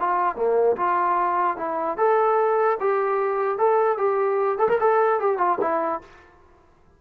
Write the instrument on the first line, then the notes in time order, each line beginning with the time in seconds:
trombone
0.00 F4
0.36 A#3
0.77 F4
1.57 E4
1.97 A4
2.80 G4
3.58 A4
3.98 G4
4.58 A4
4.69 A#4
4.80 A4
5.20 G4
5.38 F4
5.61 E4